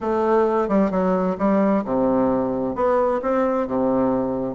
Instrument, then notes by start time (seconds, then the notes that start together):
bassoon
0.00 A3
0.68 G3
0.90 F#3
1.38 G3
1.84 C3
2.75 B3
3.22 C4
3.67 C3